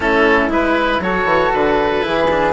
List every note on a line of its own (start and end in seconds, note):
0.00 0.48 A3
0.00 0.49 C#4
0.00 1.03 E4
0.00 0.50 A4
0.48 0.99 G#3
0.48 1.00 E4
0.48 1.02 B4
0.99 1.24 F#3
0.99 2.01 F#4
0.99 2.05 A4
0.99 1.52 C#5
1.24 1.49 E3
1.52 2.05 D3
1.52 2.52 B4
2.01 2.52 E3
2.01 2.27 E4
2.01 2.52 G#4
2.30 2.52 D4